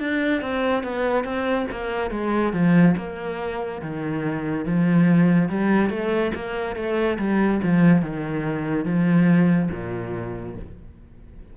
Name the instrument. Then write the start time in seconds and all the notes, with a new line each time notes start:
cello
0.00 D4
0.42 C4
0.84 B3
1.24 C4
1.71 A#3
2.11 G#3
2.54 F3
2.98 A#3
3.82 D#3
4.66 F3
5.49 G3
5.90 A3
6.35 A#3
6.76 A3
7.19 G3
7.63 F3
8.02 D#3
8.85 F3
9.72 A#2